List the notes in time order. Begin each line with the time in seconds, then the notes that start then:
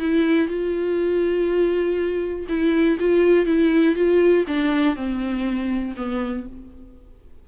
0.00 E4
0.48 F4
2.49 E4
3.00 F4
3.46 E4
3.96 F4
4.48 D4
4.96 C4
5.97 B3